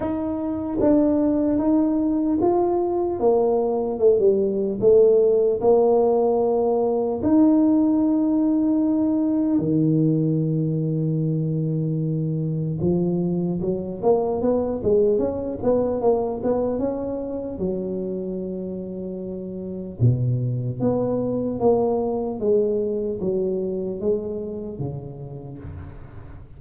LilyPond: \new Staff \with { instrumentName = "tuba" } { \time 4/4 \tempo 4 = 75 dis'4 d'4 dis'4 f'4 | ais4 a16 g8. a4 ais4~ | ais4 dis'2. | dis1 |
f4 fis8 ais8 b8 gis8 cis'8 b8 | ais8 b8 cis'4 fis2~ | fis4 b,4 b4 ais4 | gis4 fis4 gis4 cis4 | }